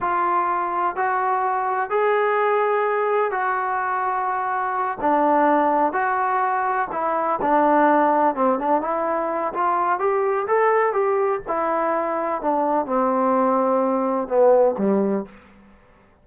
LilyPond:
\new Staff \with { instrumentName = "trombone" } { \time 4/4 \tempo 4 = 126 f'2 fis'2 | gis'2. fis'4~ | fis'2~ fis'8 d'4.~ | d'8 fis'2 e'4 d'8~ |
d'4. c'8 d'8 e'4. | f'4 g'4 a'4 g'4 | e'2 d'4 c'4~ | c'2 b4 g4 | }